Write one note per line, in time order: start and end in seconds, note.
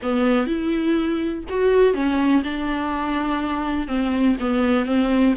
0.02 0.46 B3
0.46 1.44 E4
1.49 1.94 F#4
1.94 2.42 C#4
2.43 3.87 D4
3.87 4.36 C4
4.39 4.85 B3
4.85 5.34 C4